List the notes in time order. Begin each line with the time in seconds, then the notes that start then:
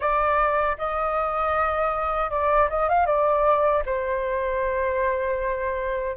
0.00 D5
0.78 D#5
2.30 D5
2.69 D#5
2.88 F5
3.06 D5
3.85 C5